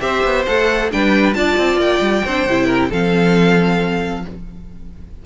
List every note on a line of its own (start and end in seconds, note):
0.00 0.24 C4
0.00 0.44 G4
0.00 0.91 C5
0.00 0.45 E5
0.24 0.46 B3
0.46 0.93 A3
0.46 0.91 A4
0.46 0.90 F#5
0.91 1.35 G3
0.91 1.34 D4
0.91 1.37 B4
0.91 1.33 G5
1.33 1.57 D4
1.33 2.23 F4
1.33 2.25 D5
1.33 1.78 A5
1.57 1.77 C4
1.77 1.99 A#3
1.77 2.92 G5
2.00 2.22 G3
2.25 2.46 C4
2.25 2.49 D4
2.25 2.66 C5
2.46 2.90 C3
2.46 2.91 E4
2.66 2.88 A#4
2.89 4.25 F3
2.89 4.24 C4
2.89 4.23 A4
2.89 4.26 F5